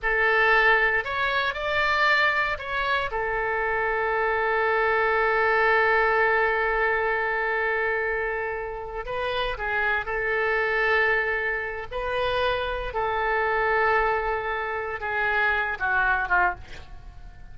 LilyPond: \new Staff \with { instrumentName = "oboe" } { \time 4/4 \tempo 4 = 116 a'2 cis''4 d''4~ | d''4 cis''4 a'2~ | a'1~ | a'1~ |
a'4. b'4 gis'4 a'8~ | a'2. b'4~ | b'4 a'2.~ | a'4 gis'4. fis'4 f'8 | }